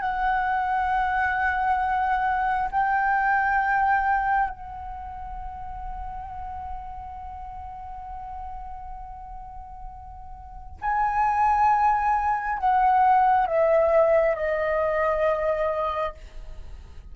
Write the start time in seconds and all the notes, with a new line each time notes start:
0.00 F#5
2.71 G5
4.49 F#5
10.81 G#5
12.58 F#5
13.47 E5
14.35 D#5